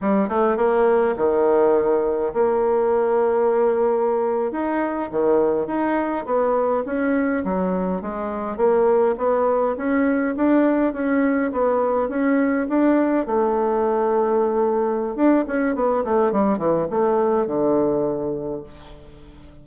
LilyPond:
\new Staff \with { instrumentName = "bassoon" } { \time 4/4 \tempo 4 = 103 g8 a8 ais4 dis2 | ais2.~ ais8. dis'16~ | dis'8. dis4 dis'4 b4 cis'16~ | cis'8. fis4 gis4 ais4 b16~ |
b8. cis'4 d'4 cis'4 b16~ | b8. cis'4 d'4 a4~ a16~ | a2 d'8 cis'8 b8 a8 | g8 e8 a4 d2 | }